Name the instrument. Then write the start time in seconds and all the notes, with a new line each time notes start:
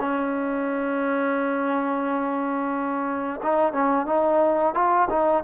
trombone
0.00 C#4
3.43 D#4
3.73 C#4
4.07 D#4
4.75 F4
5.10 D#4